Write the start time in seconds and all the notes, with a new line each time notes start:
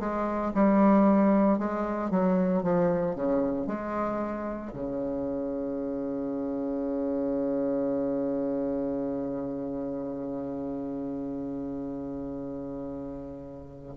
0.00 G#3
0.55 G3
1.58 G#3
2.11 F#3
2.63 F3
3.15 C#3
3.67 G#3
4.74 C#3